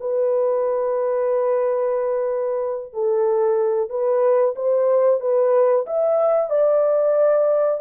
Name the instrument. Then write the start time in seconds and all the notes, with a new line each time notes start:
horn
0.00 B4
2.93 A4
3.89 B4
4.55 C5
5.20 B4
5.86 E5
6.50 D5